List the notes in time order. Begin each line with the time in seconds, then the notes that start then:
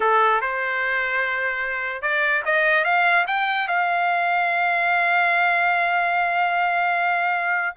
0.00 A4
0.41 C5
2.02 D5
2.45 D#5
2.84 F5
3.27 G5
3.67 F5